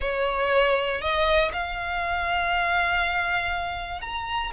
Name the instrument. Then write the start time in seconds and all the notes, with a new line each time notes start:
violin
0.00 C#5
1.01 D#5
1.52 F5
4.01 A#5